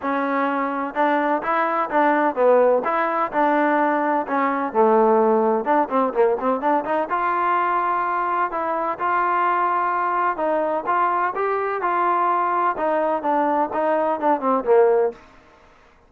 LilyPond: \new Staff \with { instrumentName = "trombone" } { \time 4/4 \tempo 4 = 127 cis'2 d'4 e'4 | d'4 b4 e'4 d'4~ | d'4 cis'4 a2 | d'8 c'8 ais8 c'8 d'8 dis'8 f'4~ |
f'2 e'4 f'4~ | f'2 dis'4 f'4 | g'4 f'2 dis'4 | d'4 dis'4 d'8 c'8 ais4 | }